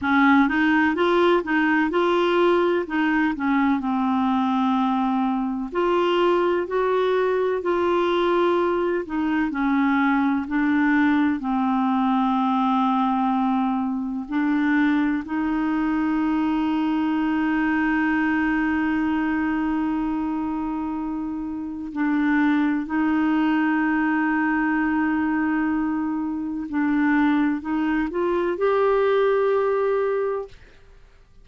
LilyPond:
\new Staff \with { instrumentName = "clarinet" } { \time 4/4 \tempo 4 = 63 cis'8 dis'8 f'8 dis'8 f'4 dis'8 cis'8 | c'2 f'4 fis'4 | f'4. dis'8 cis'4 d'4 | c'2. d'4 |
dis'1~ | dis'2. d'4 | dis'1 | d'4 dis'8 f'8 g'2 | }